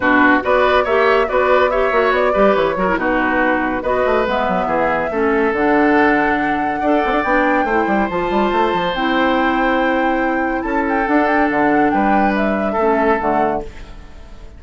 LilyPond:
<<
  \new Staff \with { instrumentName = "flute" } { \time 4/4 \tempo 4 = 141 b'4 d''4 e''4 d''4 | e''4 d''4 cis''4 b'4~ | b'4 dis''4 e''2~ | e''4 fis''2.~ |
fis''4 g''2 a''4~ | a''4 g''2.~ | g''4 a''8 g''8 fis''8 g''8 fis''4 | g''4 e''2 fis''4 | }
  \new Staff \with { instrumentName = "oboe" } { \time 4/4 fis'4 b'4 cis''4 b'4 | cis''4. b'4 ais'8 fis'4~ | fis'4 b'2 gis'4 | a'1 |
d''2 c''2~ | c''1~ | c''4 a'2. | b'2 a'2 | }
  \new Staff \with { instrumentName = "clarinet" } { \time 4/4 d'4 fis'4 g'4 fis'4 | g'8 fis'4 g'4 fis'16 e'16 dis'4~ | dis'4 fis'4 b2 | cis'4 d'2. |
a'4 d'4 e'4 f'4~ | f'4 e'2.~ | e'2 d'2~ | d'2 cis'4 a4 | }
  \new Staff \with { instrumentName = "bassoon" } { \time 4/4 b,4 b4 ais4 b4~ | b8 ais8 b8 g8 e8 fis8 b,4~ | b,4 b8 a8 gis8 fis8 e4 | a4 d2. |
d'8 c'16 d'16 b4 a8 g8 f8 g8 | a8 f8 c'2.~ | c'4 cis'4 d'4 d4 | g2 a4 d4 | }
>>